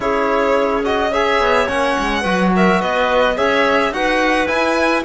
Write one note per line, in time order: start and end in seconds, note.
0.00 1.39 C#4
0.00 0.83 E4
0.00 1.11 G#4
0.00 0.85 C#5
0.84 1.12 F#4
0.84 1.13 D#5
1.11 1.67 G#4
1.11 2.21 C#5
1.11 1.68 E5
1.39 1.67 B3
1.67 1.96 A#3
1.67 2.23 C#4
1.67 2.52 F#5
1.99 2.24 G#3
2.21 2.80 F#3
2.21 3.35 F#4
2.21 2.49 B4
2.55 2.80 A#4
2.55 2.81 E5
2.80 3.37 B3
2.80 3.36 B4
2.80 3.37 D#5
3.36 3.91 C#4
3.36 3.92 G#4
3.36 3.92 C#5
3.36 3.93 E5
3.91 4.47 D#4
3.91 4.47 F#4
3.91 5.04 B4
3.91 4.47 F#5
4.47 5.03 E4
4.47 5.04 E4
4.47 5.03 G#5